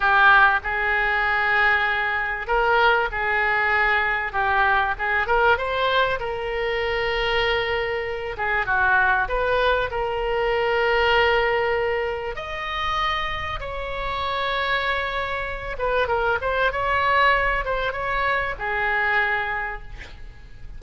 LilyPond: \new Staff \with { instrumentName = "oboe" } { \time 4/4 \tempo 4 = 97 g'4 gis'2. | ais'4 gis'2 g'4 | gis'8 ais'8 c''4 ais'2~ | ais'4. gis'8 fis'4 b'4 |
ais'1 | dis''2 cis''2~ | cis''4. b'8 ais'8 c''8 cis''4~ | cis''8 c''8 cis''4 gis'2 | }